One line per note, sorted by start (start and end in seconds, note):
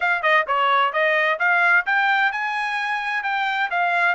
0.00 0.22 F5
0.22 0.45 D#5
0.47 0.92 C#5
0.92 1.38 D#5
1.39 1.85 F5
1.85 2.32 G5
2.32 3.23 G#5
3.23 3.69 G5
3.70 4.15 F5